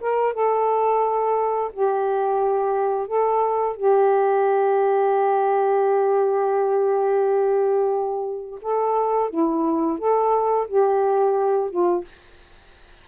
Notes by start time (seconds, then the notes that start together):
0.00 A#4
0.33 A4
1.73 G4
3.07 A4
3.76 G4
8.61 A4
9.29 E4
9.98 A4
10.67 G4
11.70 F4